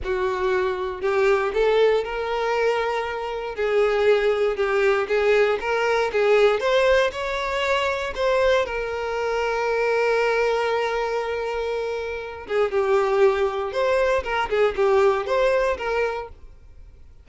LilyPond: \new Staff \with { instrumentName = "violin" } { \time 4/4 \tempo 4 = 118 fis'2 g'4 a'4 | ais'2. gis'4~ | gis'4 g'4 gis'4 ais'4 | gis'4 c''4 cis''2 |
c''4 ais'2.~ | ais'1~ | ais'8 gis'8 g'2 c''4 | ais'8 gis'8 g'4 c''4 ais'4 | }